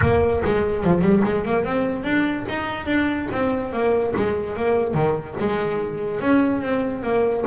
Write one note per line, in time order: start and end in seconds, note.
0.01 0.42 A#3
0.44 0.84 G#3
0.84 1.01 F3
1.01 1.22 G3
1.24 1.45 G#3
1.45 1.64 A#3
1.64 2.04 C4
2.04 2.45 D4
2.48 2.86 D#4
2.86 3.27 D4
3.31 3.72 C4
3.72 4.14 A#3
4.16 4.56 G#3
4.56 4.94 A#3
4.94 5.35 D#3
5.39 6.20 G#3
6.20 6.61 C#4
6.61 7.03 C4
7.03 7.44 A#3